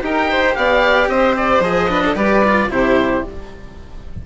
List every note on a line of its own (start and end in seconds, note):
0.00 0.56 D#4
0.00 1.61 G4
0.00 0.30 A#4
0.00 0.55 G5
0.30 0.57 C5
0.55 1.08 B3
0.55 1.10 D5
0.55 1.09 F5
1.08 1.60 C4
1.08 1.90 C5
1.08 1.35 D#5
1.37 1.63 D5
1.60 2.14 F3
1.60 1.89 G#4
1.60 2.17 D#5
1.89 2.16 D4
1.89 2.03 B4
2.05 2.15 A4
2.15 2.69 G3
2.15 2.42 G4
2.15 2.69 B4
2.15 2.71 D5
2.44 2.70 F4
2.70 3.23 C3
2.70 3.24 E4
2.70 3.26 G4
2.70 3.24 C5